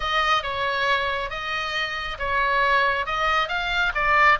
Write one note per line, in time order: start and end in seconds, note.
0.00 0.42 D#5
0.42 1.29 C#5
1.29 2.17 D#5
2.18 3.06 C#5
3.06 3.48 D#5
3.48 3.92 F5
3.94 4.38 D5